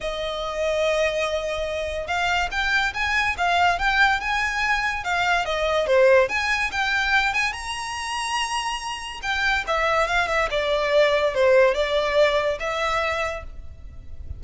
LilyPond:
\new Staff \with { instrumentName = "violin" } { \time 4/4 \tempo 4 = 143 dis''1~ | dis''4 f''4 g''4 gis''4 | f''4 g''4 gis''2 | f''4 dis''4 c''4 gis''4 |
g''4. gis''8 ais''2~ | ais''2 g''4 e''4 | f''8 e''8 d''2 c''4 | d''2 e''2 | }